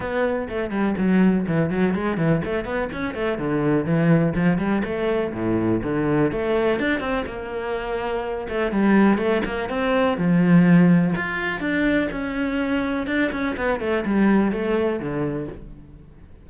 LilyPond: \new Staff \with { instrumentName = "cello" } { \time 4/4 \tempo 4 = 124 b4 a8 g8 fis4 e8 fis8 | gis8 e8 a8 b8 cis'8 a8 d4 | e4 f8 g8 a4 a,4 | d4 a4 d'8 c'8 ais4~ |
ais4. a8 g4 a8 ais8 | c'4 f2 f'4 | d'4 cis'2 d'8 cis'8 | b8 a8 g4 a4 d4 | }